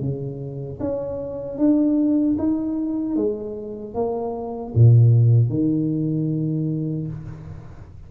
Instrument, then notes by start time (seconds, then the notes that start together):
tuba
0.00 C#3
0.80 C#4
1.58 D4
2.38 D#4
3.16 G#3
3.94 A#3
4.74 A#2
5.49 D#3